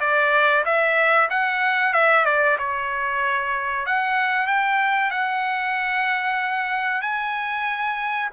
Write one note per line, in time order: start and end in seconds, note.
0.00 0.64 D5
0.65 1.29 E5
1.30 1.93 F#5
1.93 2.25 E5
2.25 2.57 D5
2.58 3.86 C#5
3.86 4.47 F#5
4.47 5.11 G5
5.11 7.02 F#5
7.02 8.29 G#5